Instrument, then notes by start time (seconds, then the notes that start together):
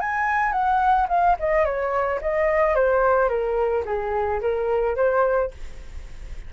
flute
0.00 G#5
0.52 F#5
1.09 F5
1.39 D#5
1.65 C#5
2.21 D#5
2.75 C5
3.29 A#4
3.85 G#4
4.41 A#4
4.96 C5